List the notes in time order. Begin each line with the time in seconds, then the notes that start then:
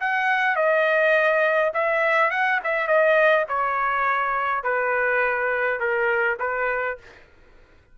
0.00 F#5
0.55 D#5
1.73 E5
2.30 F#5
2.64 E5
2.87 D#5
3.48 C#5
4.63 B4
5.79 A#4
6.39 B4